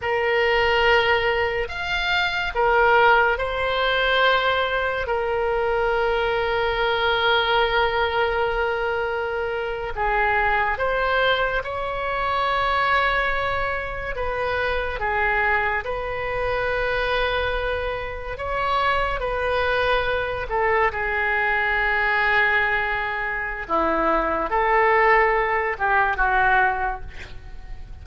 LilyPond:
\new Staff \with { instrumentName = "oboe" } { \time 4/4 \tempo 4 = 71 ais'2 f''4 ais'4 | c''2 ais'2~ | ais'2.~ ais'8. gis'16~ | gis'8. c''4 cis''2~ cis''16~ |
cis''8. b'4 gis'4 b'4~ b'16~ | b'4.~ b'16 cis''4 b'4~ b'16~ | b'16 a'8 gis'2.~ gis'16 | e'4 a'4. g'8 fis'4 | }